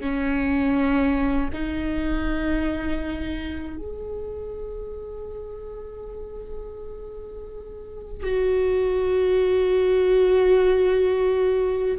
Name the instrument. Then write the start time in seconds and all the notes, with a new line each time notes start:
viola
0.00 C#4
1.52 D#4
3.77 G#4
8.23 F#4